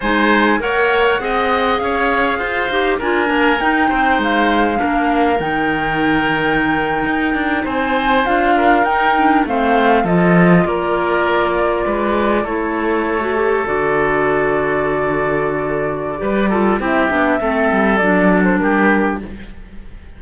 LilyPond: <<
  \new Staff \with { instrumentName = "flute" } { \time 4/4 \tempo 4 = 100 gis''4 fis''2 f''4~ | f''4 gis''4 g''4 f''4~ | f''4 g''2.~ | g''8. gis''4 f''4 g''4 f''16~ |
f''8. dis''4 d''2~ d''16~ | d''8. cis''2 d''4~ d''16~ | d''1 | e''2 d''8. c''16 ais'4 | }
  \new Staff \with { instrumentName = "oboe" } { \time 4/4 c''4 cis''4 dis''4 cis''4 | c''4 ais'4. c''4. | ais'1~ | ais'8. c''4. ais'4. c''16~ |
c''8. a'4 ais'2 b'16~ | b'8. a'2.~ a'16~ | a'2. b'8 a'8 | g'4 a'2 g'4 | }
  \new Staff \with { instrumentName = "clarinet" } { \time 4/4 dis'4 ais'4 gis'2~ | gis'8 g'8 f'8 d'8 dis'2 | d'4 dis'2.~ | dis'4.~ dis'16 f'4 dis'8 d'8 c'16~ |
c'8. f'2.~ f'16~ | f'8. e'4~ e'16 fis'16 g'8 fis'4~ fis'16~ | fis'2. g'8 f'8 | e'8 d'8 c'4 d'2 | }
  \new Staff \with { instrumentName = "cello" } { \time 4/4 gis4 ais4 c'4 cis'4 | f'8 dis'8 d'8 ais8 dis'8 c'8 gis4 | ais4 dis2~ dis8. dis'16~ | dis'16 d'8 c'4 d'4 dis'4 a16~ |
a8. f4 ais2 gis16~ | gis8. a2 d4~ d16~ | d2. g4 | c'8 b8 a8 g8 fis4 g4 | }
>>